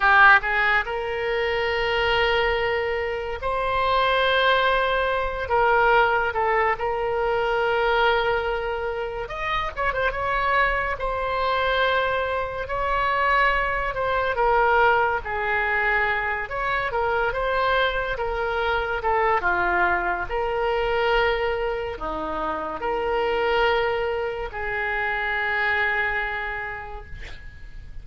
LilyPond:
\new Staff \with { instrumentName = "oboe" } { \time 4/4 \tempo 4 = 71 g'8 gis'8 ais'2. | c''2~ c''8 ais'4 a'8 | ais'2. dis''8 cis''16 c''16 | cis''4 c''2 cis''4~ |
cis''8 c''8 ais'4 gis'4. cis''8 | ais'8 c''4 ais'4 a'8 f'4 | ais'2 dis'4 ais'4~ | ais'4 gis'2. | }